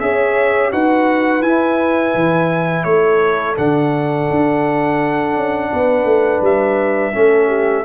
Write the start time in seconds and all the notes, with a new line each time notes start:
0.00 C#4 G#4 C#5 E5
0.72 D#4 F#4 B4 F#5
1.42 E4 G#5
2.15 E3
2.84 A3 A4 C#5
3.58 D3 D4 F#5
4.30 D4
5.36 C#4
5.71 B3 B4
6.05 A3
6.41 G3 E5
7.13 A3 C#4 A4
7.48 G4